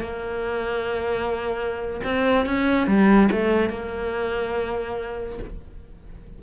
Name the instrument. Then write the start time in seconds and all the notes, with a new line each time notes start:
cello
0.00 A#3
2.04 C4
2.46 C#4
2.87 G3
3.31 A3
3.70 A#3